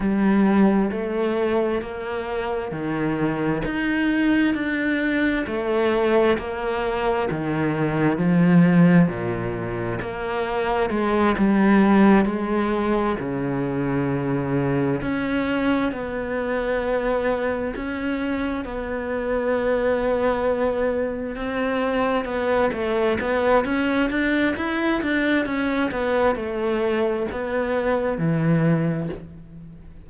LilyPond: \new Staff \with { instrumentName = "cello" } { \time 4/4 \tempo 4 = 66 g4 a4 ais4 dis4 | dis'4 d'4 a4 ais4 | dis4 f4 ais,4 ais4 | gis8 g4 gis4 cis4.~ |
cis8 cis'4 b2 cis'8~ | cis'8 b2. c'8~ | c'8 b8 a8 b8 cis'8 d'8 e'8 d'8 | cis'8 b8 a4 b4 e4 | }